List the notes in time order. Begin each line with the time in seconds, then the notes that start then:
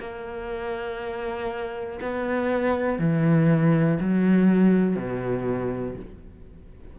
0.00 A#3
2.01 B3
2.99 E3
4.00 F#3
4.96 B2